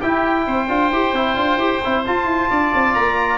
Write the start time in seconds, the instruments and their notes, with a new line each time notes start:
0.00 trombone E4, tuba E4, oboe G4, trumpet G5
0.47 tuba C4, oboe C5
0.68 tuba D4, trombone F4
0.91 tuba E4, trombone G4
1.12 tuba C4, trombone E4
1.35 tuba D4, trombone F4
1.56 tuba E4, trombone G4
1.84 tuba C4, trombone E4
2.05 trombone F4, tuba F4, trumpet A5
2.25 tuba E4
2.50 tuba D4, oboe D5
2.74 tuba C4
2.94 tuba A#3, trumpet A#5